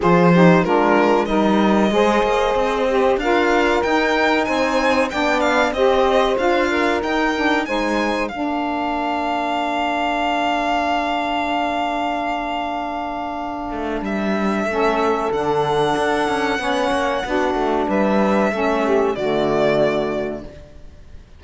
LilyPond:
<<
  \new Staff \with { instrumentName = "violin" } { \time 4/4 \tempo 4 = 94 c''4 ais'4 dis''2~ | dis''4 f''4 g''4 gis''4 | g''8 f''8 dis''4 f''4 g''4 | gis''4 f''2.~ |
f''1~ | f''2 e''2 | fis''1 | e''2 d''2 | }
  \new Staff \with { instrumentName = "saxophone" } { \time 4/4 gis'8 g'8 f'4 ais'4 c''4~ | c''4 ais'2 c''4 | d''4 c''4. ais'4. | c''4 ais'2.~ |
ais'1~ | ais'2. a'4~ | a'2 cis''4 fis'4 | b'4 a'8 g'8 fis'2 | }
  \new Staff \with { instrumentName = "saxophone" } { \time 4/4 f'8 dis'8 d'4 dis'4 gis'4~ | gis'8 g'8 f'4 dis'2 | d'4 g'4 f'4 dis'8 d'8 | dis'4 d'2.~ |
d'1~ | d'2. cis'4 | d'2 cis'4 d'4~ | d'4 cis'4 a2 | }
  \new Staff \with { instrumentName = "cello" } { \time 4/4 f4 gis4 g4 gis8 ais8 | c'4 d'4 dis'4 c'4 | b4 c'4 d'4 dis'4 | gis4 ais2.~ |
ais1~ | ais4. a8 g4 a4 | d4 d'8 cis'8 b8 ais8 b8 a8 | g4 a4 d2 | }
>>